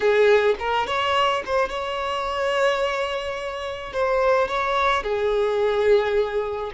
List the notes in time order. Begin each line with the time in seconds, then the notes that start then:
0.00 G#4
0.59 A#4
0.86 C#5
1.45 C5
1.69 C#5
3.92 C5
4.47 C#5
5.03 G#4